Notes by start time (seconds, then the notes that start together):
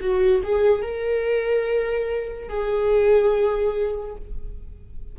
0.00 F#4
0.43 G#4
0.82 A#4
2.48 G#4